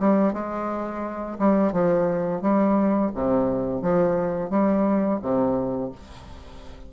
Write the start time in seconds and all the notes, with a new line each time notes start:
0.00 G3
0.34 G#3
1.39 G3
1.73 F3
2.42 G3
3.15 C3
3.82 F3
4.50 G3
5.22 C3